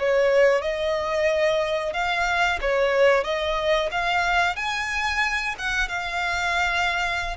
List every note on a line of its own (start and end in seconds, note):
0.00 0.62 C#5
0.62 1.94 D#5
1.94 2.60 F5
2.62 3.24 C#5
3.24 3.90 D#5
3.92 4.57 F5
4.57 5.56 G#5
5.59 5.89 F#5
5.89 7.38 F5